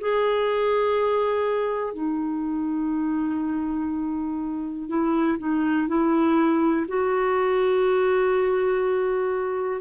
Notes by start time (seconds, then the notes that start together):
0.00 G#4
1.93 D#4
4.88 E4
5.38 D#4
5.87 E4
6.87 F#4